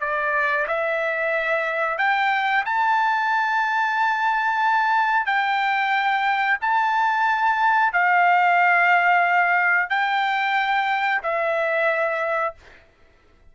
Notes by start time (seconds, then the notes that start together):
0.00 D5
0.67 E5
1.98 G5
2.65 A5
5.25 G5
6.61 A5
7.92 F5
9.89 G5
11.22 E5